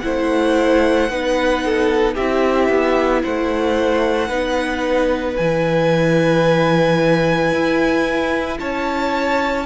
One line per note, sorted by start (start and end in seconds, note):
0.00 1.10 A3
0.00 1.10 E4
0.00 1.11 C5
0.00 2.14 F#5
1.10 2.17 B3
1.10 2.17 D#4
1.10 1.64 B4
1.65 2.15 A4
2.15 2.69 C4
2.15 4.29 E4
2.15 3.22 G4
2.15 3.23 E5
2.69 3.22 B3
3.23 4.29 A3
3.23 4.29 C5
3.23 5.36 F#5
4.29 5.36 B3
4.29 5.36 D#4
4.29 8.57 B4
5.36 7.52 E3
5.36 9.66 E4
5.36 8.58 G#5
7.52 8.60 E4
8.60 9.66 C#4
8.60 9.66 C#5
8.60 9.66 A5